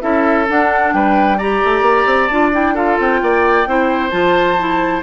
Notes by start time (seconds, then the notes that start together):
0.00 C#4 E4 A4 E5
0.48 D4 F#5
0.93 G3 B4 G5
1.37 G4 D5 A#5
1.64 A3
1.81 A#3
2.06 C4
2.27 D4 F4 A5
2.52 E4 G5
2.74 F4 A4 F5
2.99 C4 G5
3.21 A#3 D5
3.66 C4 E4 C5
4.10 F3 F4 A5
4.58 E4